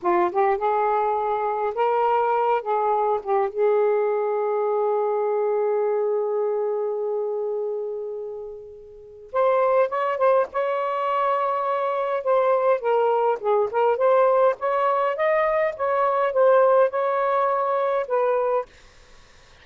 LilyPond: \new Staff \with { instrumentName = "saxophone" } { \time 4/4 \tempo 4 = 103 f'8 g'8 gis'2 ais'4~ | ais'8 gis'4 g'8 gis'2~ | gis'1~ | gis'1 |
c''4 cis''8 c''8 cis''2~ | cis''4 c''4 ais'4 gis'8 ais'8 | c''4 cis''4 dis''4 cis''4 | c''4 cis''2 b'4 | }